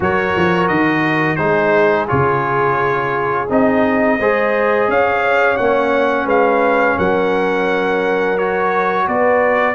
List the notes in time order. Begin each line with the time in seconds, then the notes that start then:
0.00 F#3 F#4 A#4 C#5
0.35 F3
0.68 D#3 D#5
1.36 G#3 D#4 G#4 C5
2.07 C#3 F4 C#5
3.49 C4 D#4 D#5
4.19 G#3 G#4 C5
4.88 C#4 C#5 F5
5.57 A#3 C#4 F#5
6.25 G#3 B4 F5
6.97 F#3 A#4 F#5
8.37 F#4 C#5
9.07 B3 B4 D5